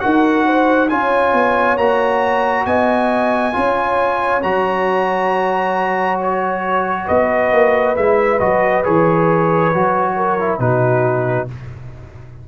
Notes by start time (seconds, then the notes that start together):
0.00 D#4 F#4 A#4 F#5
0.45 C5
0.89 C#4 F4 C#5 G#5
1.33 B3
1.77 A#3 F#4 A#5
2.66 B3 D#5 G#5
3.52 C#4 F4 C#5
4.42 F#3 F#4 A#5
6.22 C#5
7.05 B3 B4 D#5
7.51 A#3
7.96 G#3 E4 E5
8.39 F#3 F#4 D#5
8.83 E3 G#4 C#5
9.74 F#3 F#4
10.16 A#4
10.39 E4
10.59 B2 D#4 F#4 B4